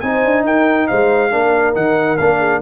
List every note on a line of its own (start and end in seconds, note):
0.00 0.24 C4
0.00 1.31 D#4
0.00 0.46 C5
0.00 0.43 G#5
0.25 0.44 D4
0.44 0.88 D#4
0.44 0.88 A#4
0.44 0.87 G5
0.87 1.33 G#3
0.87 1.31 C5
0.87 1.74 F5
1.31 1.76 A#3
1.31 1.74 D4
1.31 2.39 A#4
1.74 2.19 D#3
1.74 2.17 D#4
1.74 2.17 F#5
2.17 2.62 A#3
2.17 2.62 D4
2.17 2.61 F5
2.39 2.60 G#4